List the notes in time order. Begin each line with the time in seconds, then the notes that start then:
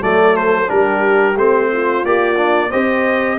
0.00 F#3 A3 A4 D5
0.36 C5
0.66 G3 D4 G4 A#4
1.36 A3 C4 C5
1.72 F4
2.05 A#3 G4 D5
2.36 D4
2.69 C4 G4 C5 D#5